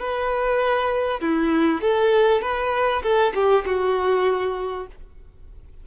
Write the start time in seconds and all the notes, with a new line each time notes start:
0.00 B4
1.21 E4
1.82 A4
2.42 B4
3.03 A4
3.35 G4
3.66 F#4